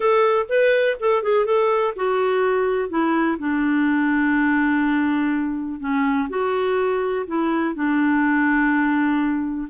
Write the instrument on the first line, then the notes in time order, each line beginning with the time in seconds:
clarinet
0.00 A4
0.48 B4
0.99 A4
1.22 G#4
1.45 A4
1.96 F#4
2.89 E4
3.38 D4
5.80 C#4
6.29 F#4
7.26 E4
7.74 D4